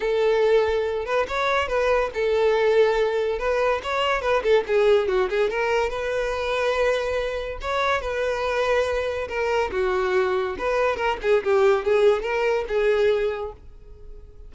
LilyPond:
\new Staff \with { instrumentName = "violin" } { \time 4/4 \tempo 4 = 142 a'2~ a'8 b'8 cis''4 | b'4 a'2. | b'4 cis''4 b'8 a'8 gis'4 | fis'8 gis'8 ais'4 b'2~ |
b'2 cis''4 b'4~ | b'2 ais'4 fis'4~ | fis'4 b'4 ais'8 gis'8 g'4 | gis'4 ais'4 gis'2 | }